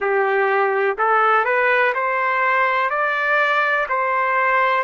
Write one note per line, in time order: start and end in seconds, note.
0.00 0.97 G4
0.98 1.44 A4
1.44 1.93 B4
1.94 2.90 C5
2.90 3.87 D5
3.88 4.83 C5